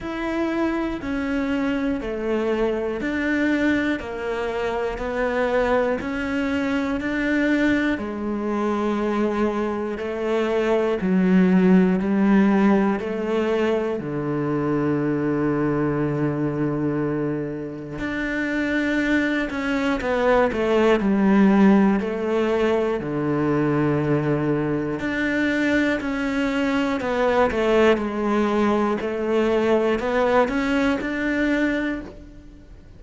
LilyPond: \new Staff \with { instrumentName = "cello" } { \time 4/4 \tempo 4 = 60 e'4 cis'4 a4 d'4 | ais4 b4 cis'4 d'4 | gis2 a4 fis4 | g4 a4 d2~ |
d2 d'4. cis'8 | b8 a8 g4 a4 d4~ | d4 d'4 cis'4 b8 a8 | gis4 a4 b8 cis'8 d'4 | }